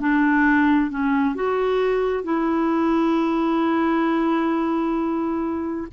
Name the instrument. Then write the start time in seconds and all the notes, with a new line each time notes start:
clarinet
0.00 D4
0.91 C#4
1.35 F#4
2.24 E4